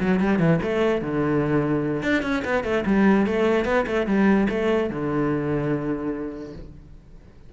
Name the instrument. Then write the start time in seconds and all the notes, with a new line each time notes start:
cello
0.00 F#3
0.20 G3
0.39 E3
0.62 A3
1.01 D3
2.02 D4
2.22 C#4
2.44 B3
2.63 A3
2.86 G3
3.26 A3
3.65 B3
3.86 A3
4.06 G3
4.49 A3
4.89 D3